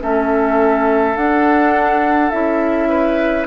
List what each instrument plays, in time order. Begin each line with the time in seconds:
0.00 bassoon A3, clarinet C#4, oboe A4, flute E5
1.15 bassoon D4, clarinet D4, flute F#5
2.30 bassoon C#4, clarinet E4, flute E5
2.89 oboe B4